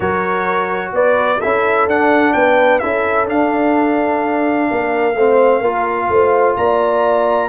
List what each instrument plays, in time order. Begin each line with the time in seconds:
0.00 tuba F#3, trombone F#4, horn A#4, trumpet C#5
0.92 tuba B3, horn B4, trumpet D5
1.39 tuba C#4, trombone E4, horn A4, trumpet E5
1.86 tuba D4, trombone D4, trumpet F#5
2.32 tuba B3, horn B4, trumpet G5
2.79 tuba C#4, trombone E4, horn A4, trumpet E5
3.26 trombone D4, tuba D4, trumpet F5
4.69 tuba A#3, horn A#4
5.14 tuba A3, trombone C4, horn C5
5.60 tuba A#3, trombone F4, horn A#4
6.08 tuba A3, horn C5
6.56 tuba A#3, horn D5, trumpet A#5